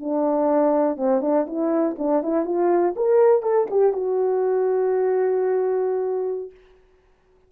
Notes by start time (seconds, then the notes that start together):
0.00 D4
0.97 C4
1.21 D4
1.47 E4
1.99 D4
2.23 E4
2.45 F4
2.96 A#4
3.42 A4
3.71 G4
3.93 F#4